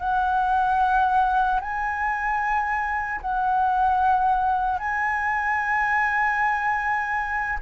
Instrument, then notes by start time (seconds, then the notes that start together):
flute
0.00 F#5
1.61 G#5
3.21 F#5
4.79 G#5